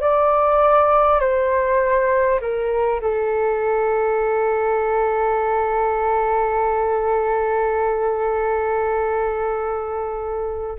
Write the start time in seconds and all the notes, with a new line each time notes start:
0.00 D5
1.20 C5
2.41 A#4
3.01 A4